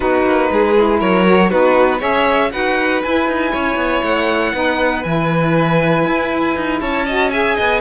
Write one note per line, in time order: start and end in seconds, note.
0.00 0.24 B3
0.00 0.75 D#4
0.00 0.50 F#4
0.00 0.99 B4
0.24 0.50 A#3
0.51 1.01 G#3
0.51 0.99 G#4
0.76 1.26 E4
0.99 1.52 F#3
0.99 1.49 A#4
0.99 1.50 C#5
1.26 1.50 F#4
1.49 2.02 B3
1.49 2.00 D#4
1.49 1.98 F#4
1.49 2.01 B4
1.98 2.52 C#4
1.98 2.50 G#4
1.98 2.49 C#5
1.98 2.51 E5
2.51 3.04 D#4
2.51 3.01 F#4
2.51 3.52 B4
2.51 3.02 F#5
3.02 4.53 E4
3.02 3.27 E4
3.02 4.03 G#5
3.27 3.53 D#4
3.52 3.76 C#4
3.52 4.53 C#5
3.76 4.01 B3
4.02 4.53 A3
4.02 5.03 F#5
4.53 5.04 B3
4.53 5.04 D#4
4.53 6.80 B4
5.03 6.05 E3
5.03 7.06 E4
5.03 6.79 G#5
6.05 6.55 E4
6.56 6.80 D#4
6.80 7.56 C#4
6.80 7.06 C#5
6.80 7.30 A5
7.06 7.31 F#4
7.06 7.31 D#5
7.30 7.81 G#4
7.30 7.56 E5
7.30 7.80 G#5
7.56 7.81 B3
7.56 7.81 D#5